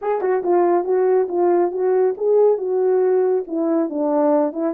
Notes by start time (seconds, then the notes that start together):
0.01 G#4
0.21 F#4
0.43 F4
0.84 F#4
1.28 F4
1.71 F#4
2.17 G#4
2.57 F#4
3.47 E4
3.89 D4
4.52 E4